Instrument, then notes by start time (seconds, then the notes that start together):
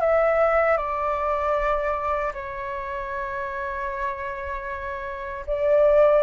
flute
0.00 E5
0.77 D5
2.33 C#5
5.46 D5